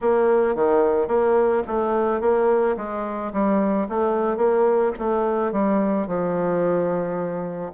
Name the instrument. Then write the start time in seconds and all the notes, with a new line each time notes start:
bassoon
0.01 A#3
0.55 D#3
1.07 A#3
1.67 A3
2.20 A#3
2.76 G#3
3.32 G3
3.88 A3
4.36 A#3
4.98 A3
5.52 G3
6.07 F3